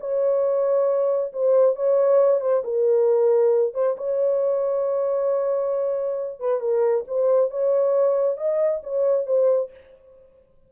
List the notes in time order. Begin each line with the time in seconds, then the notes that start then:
0.00 C#5
1.33 C5
1.75 C#5
2.40 C5
2.64 A#4
3.74 C5
3.97 C#5
6.40 B4
6.60 A#4
7.07 C5
7.50 C#5
8.37 D#5
8.83 C#5
9.26 C5